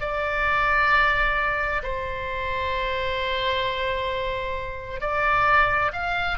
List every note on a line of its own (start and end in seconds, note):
0.00 1.82 D5
1.83 5.00 C5
5.00 5.91 D5
5.93 6.38 F5